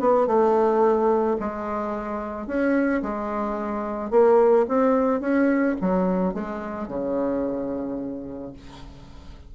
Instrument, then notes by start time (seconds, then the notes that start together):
bassoon
0.00 B3
0.27 A3
1.40 G#3
2.47 C#4
3.02 G#3
4.11 A#3
4.68 C4
5.21 C#4
5.81 F#3
6.34 G#3
6.88 C#3